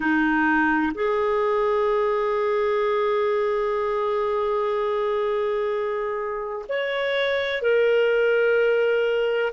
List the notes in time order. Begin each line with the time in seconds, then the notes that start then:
0.00 D#4
0.94 G#4
6.68 C#5
7.62 A#4